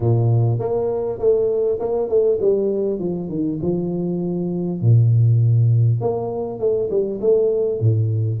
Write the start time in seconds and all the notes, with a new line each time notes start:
0.00 A#2
0.59 A#3
1.18 A3
1.79 A#3
2.08 A3
2.41 G3
2.99 F3
3.29 D#3
3.62 F3
4.81 A#2
6.01 A#3
6.59 A3
6.90 G3
7.21 A3
7.80 A2